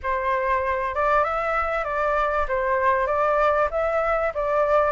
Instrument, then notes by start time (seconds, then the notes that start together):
flute
0.02 C5
0.94 D5
1.24 E5
1.84 D5
2.48 C5
3.06 D5
3.71 E5
4.34 D5